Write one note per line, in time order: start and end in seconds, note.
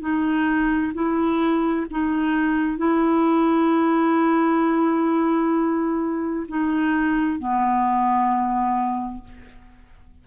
0.00 0.92 D#4
0.94 1.86 E4
1.90 2.77 D#4
2.77 6.47 E4
6.48 7.39 D#4
7.39 9.23 B3